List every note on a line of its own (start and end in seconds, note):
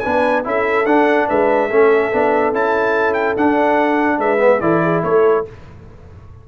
0.00 0.45 B3
0.00 0.44 D4
0.00 0.45 B4
0.00 0.42 G#5
0.44 0.85 C#4
0.44 0.85 E4
0.44 1.27 A4
0.44 0.86 E5
0.85 1.27 D4
0.85 1.70 D4
0.85 1.28 F#5
1.27 1.70 G#3
1.27 1.69 B4
1.27 2.54 E5
1.69 2.12 A3
1.69 2.12 C#4
1.69 4.19 A4
2.12 2.53 B3
2.12 2.54 D4
2.53 3.36 C#4
2.53 3.37 E4
2.53 3.14 A5
3.14 3.34 G5
3.36 4.18 D4
3.36 4.38 D4
3.36 4.20 F#5
4.18 4.60 G#3
4.18 4.61 B4
4.18 4.61 E5
4.38 4.59 B3
4.61 5.02 E3
4.61 5.45 E4
4.61 4.83 A4
4.61 5.02 D5
4.83 5.04 G#4
5.03 5.45 A3
5.03 5.48 A4
5.03 5.45 C#5